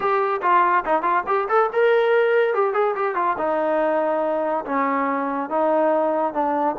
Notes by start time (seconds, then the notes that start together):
0.00 G4
0.42 F4
0.85 D#4
1.02 F4
1.27 G4
1.48 A4
1.72 A#4
2.54 G4
2.73 G#4
2.95 G4
3.15 F4
3.38 D#4
4.65 C#4
5.49 D#4
6.33 D4